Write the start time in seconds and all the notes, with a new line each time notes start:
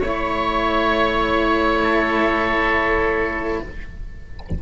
0.00 A3 E4 C#5
1.83 A4